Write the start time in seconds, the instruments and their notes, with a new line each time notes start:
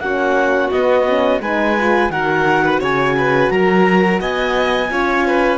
0.00 cello A#3, horn C#4, violin F#4, clarinet F#5
0.71 horn B3, cello B3, clarinet D#5
1.07 horn C#4
1.41 cello G#3, horn D#4, violin B4, clarinet G#5
1.78 horn F4
2.10 cello D#3, horn F#4, violin A#4, clarinet F#5
2.65 violin B4
2.81 cello C#3, violin C#5, clarinet G#5
3.18 violin B4
3.50 cello F#3, violin A#4, clarinet A#5
4.21 cello B3, violin D#5, clarinet G#5
4.90 cello C#4, horn F4, violin C#5
5.27 violin B4